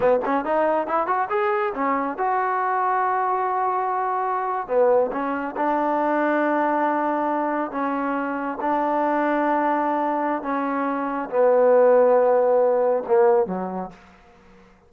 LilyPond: \new Staff \with { instrumentName = "trombone" } { \time 4/4 \tempo 4 = 138 b8 cis'8 dis'4 e'8 fis'8 gis'4 | cis'4 fis'2.~ | fis'2~ fis'8. b4 cis'16~ | cis'8. d'2.~ d'16~ |
d'4.~ d'16 cis'2 d'16~ | d'1 | cis'2 b2~ | b2 ais4 fis4 | }